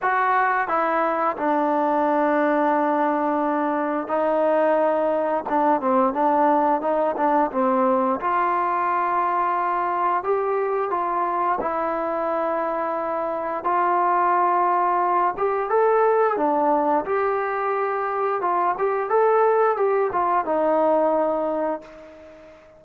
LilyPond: \new Staff \with { instrumentName = "trombone" } { \time 4/4 \tempo 4 = 88 fis'4 e'4 d'2~ | d'2 dis'2 | d'8 c'8 d'4 dis'8 d'8 c'4 | f'2. g'4 |
f'4 e'2. | f'2~ f'8 g'8 a'4 | d'4 g'2 f'8 g'8 | a'4 g'8 f'8 dis'2 | }